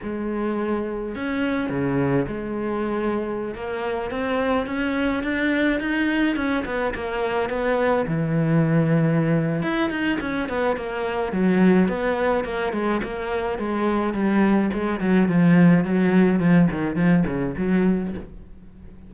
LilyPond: \new Staff \with { instrumentName = "cello" } { \time 4/4 \tempo 4 = 106 gis2 cis'4 cis4 | gis2~ gis16 ais4 c'8.~ | c'16 cis'4 d'4 dis'4 cis'8 b16~ | b16 ais4 b4 e4.~ e16~ |
e4 e'8 dis'8 cis'8 b8 ais4 | fis4 b4 ais8 gis8 ais4 | gis4 g4 gis8 fis8 f4 | fis4 f8 dis8 f8 cis8 fis4 | }